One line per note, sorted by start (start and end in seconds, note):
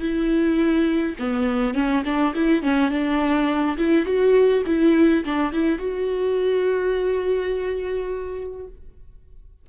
0.00 1.15 E4
1.19 1.74 B3
1.74 2.02 C#4
2.05 2.34 D4
2.35 2.62 E4
2.62 2.90 C#4
2.90 3.77 D4
3.78 4.05 E4
4.05 4.63 F#4
4.66 5.24 E4
5.24 5.52 D4
5.52 5.78 E4
5.78 8.67 F#4